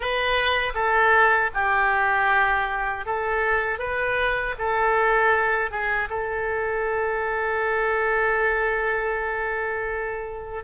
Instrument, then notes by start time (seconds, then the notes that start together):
oboe
0.00 B4
0.74 A4
1.54 G4
3.05 A4
3.78 B4
4.58 A4
5.70 G#4
6.09 A4